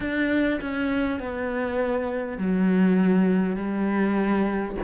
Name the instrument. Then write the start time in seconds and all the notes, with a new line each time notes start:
cello
0.00 D4
0.61 C#4
1.19 B3
2.37 F#3
3.56 G3